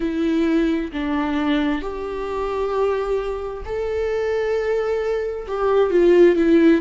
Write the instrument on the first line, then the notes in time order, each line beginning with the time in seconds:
viola
0.00 E4
0.92 D4
1.81 G4
3.65 A4
5.47 G4
5.90 F4
6.36 E4